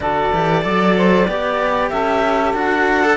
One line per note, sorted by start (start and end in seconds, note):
0.00 0.30 D3
0.00 0.33 F#4
0.00 0.62 A4
0.00 1.89 D5
0.32 0.64 E3
0.32 0.62 G4
0.62 1.27 F#3
0.62 1.25 A4
0.62 0.94 D5
0.97 1.29 C5
1.27 1.91 B3
1.27 2.55 G4
1.27 1.90 D5
1.89 2.53 C#4
1.89 3.17 A4
1.89 2.53 E5
2.53 3.17 D4
2.53 3.03 F#4
2.53 3.17 F#5
3.03 3.17 A4